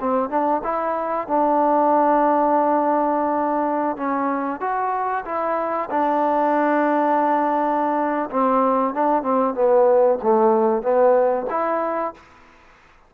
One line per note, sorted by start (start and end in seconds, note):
0.00 0.30 C4
0.30 0.62 D4
0.64 1.28 E4
1.28 3.97 D4
3.97 4.60 C#4
4.60 5.24 F#4
5.25 5.89 E4
5.90 8.30 D4
8.30 8.94 C4
8.94 9.22 D4
9.22 9.54 C4
9.55 10.18 B3
10.22 10.82 A3
10.82 11.46 B3
11.50 12.14 E4